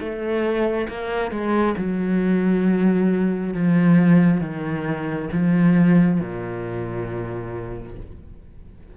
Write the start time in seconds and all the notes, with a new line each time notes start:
0.00 A3
0.89 A#3
1.32 G#3
1.78 F#3
3.54 F3
4.41 D#3
5.33 F3
6.21 A#2